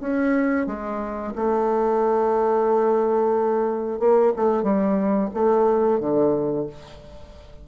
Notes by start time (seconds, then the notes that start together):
0.00 C#4
0.67 G#3
1.35 A3
3.99 A#3
4.36 A3
4.63 G3
5.34 A3
6.00 D3